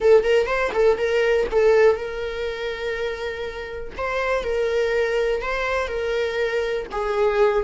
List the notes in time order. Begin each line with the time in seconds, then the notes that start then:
0.00 A4
0.23 A#4
0.46 C5
0.73 A4
0.97 A#4
1.51 A4
1.95 A#4
3.97 C5
4.43 A#4
5.41 C5
5.87 A#4
6.91 G#4